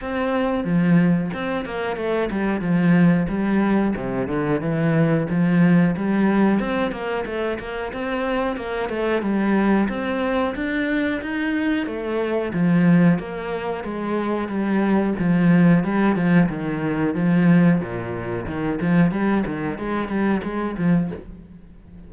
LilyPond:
\new Staff \with { instrumentName = "cello" } { \time 4/4 \tempo 4 = 91 c'4 f4 c'8 ais8 a8 g8 | f4 g4 c8 d8 e4 | f4 g4 c'8 ais8 a8 ais8 | c'4 ais8 a8 g4 c'4 |
d'4 dis'4 a4 f4 | ais4 gis4 g4 f4 | g8 f8 dis4 f4 ais,4 | dis8 f8 g8 dis8 gis8 g8 gis8 f8 | }